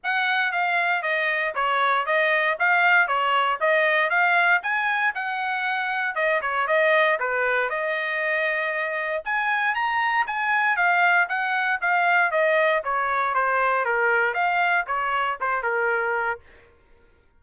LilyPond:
\new Staff \with { instrumentName = "trumpet" } { \time 4/4 \tempo 4 = 117 fis''4 f''4 dis''4 cis''4 | dis''4 f''4 cis''4 dis''4 | f''4 gis''4 fis''2 | dis''8 cis''8 dis''4 b'4 dis''4~ |
dis''2 gis''4 ais''4 | gis''4 f''4 fis''4 f''4 | dis''4 cis''4 c''4 ais'4 | f''4 cis''4 c''8 ais'4. | }